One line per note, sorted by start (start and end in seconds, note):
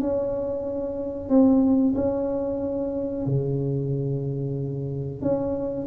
0.00 1.30 C#4
1.30 1.95 C4
1.96 3.26 C#4
3.26 5.22 C#3
5.22 5.87 C#4